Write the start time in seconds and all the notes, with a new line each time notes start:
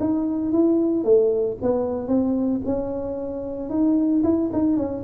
0.00 D#4
0.52 E4
1.04 A3
1.62 B3
2.08 C4
2.66 C#4
3.70 D#4
4.24 E4
4.53 D#4
4.77 C#4